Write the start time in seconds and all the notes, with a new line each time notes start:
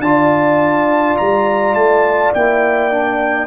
0.00 D4 F4 D5 A5
1.18 G3 A#5
1.75 A3 A5
2.34 A#3 E4 G5
2.92 D4